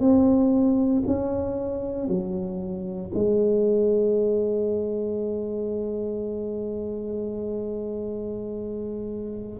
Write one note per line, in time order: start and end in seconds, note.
0.00 1.03 C4
1.07 2.08 C#4
2.08 3.12 F#3
3.15 9.60 G#3